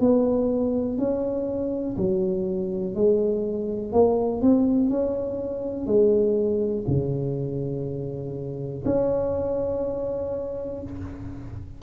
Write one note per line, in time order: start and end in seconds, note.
0.00 0.98 B3
0.98 1.97 C#4
1.97 2.95 F#3
2.95 3.93 G#3
3.93 4.42 A#3
4.42 4.90 C4
4.90 5.87 C#4
5.87 6.85 G#3
6.87 8.84 C#3
8.85 10.82 C#4